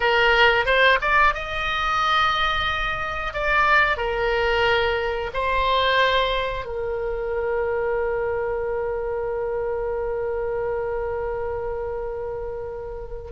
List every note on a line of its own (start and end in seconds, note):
0.00 0.65 A#4
0.65 0.98 C5
1.01 1.34 D5
1.34 3.33 D#5
3.33 3.97 D5
3.97 5.30 A#4
5.33 6.65 C5
6.65 13.32 A#4